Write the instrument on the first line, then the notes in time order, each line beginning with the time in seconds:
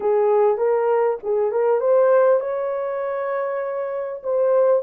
horn
0.00 G#4
0.57 A#4
1.23 G#4
1.52 A#4
1.80 C5
2.40 C#5
4.23 C5